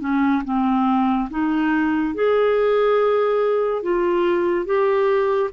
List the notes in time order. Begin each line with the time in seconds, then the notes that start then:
0.00 C#4
0.45 C4
1.30 D#4
2.14 G#4
3.82 F4
4.66 G4